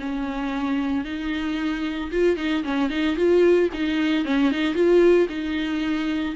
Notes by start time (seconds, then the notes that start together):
0.00 C#4
1.05 D#4
2.12 F4
2.37 D#4
2.64 C#4
2.90 D#4
3.16 F4
3.74 D#4
4.25 C#4
4.52 D#4
4.74 F4
5.29 D#4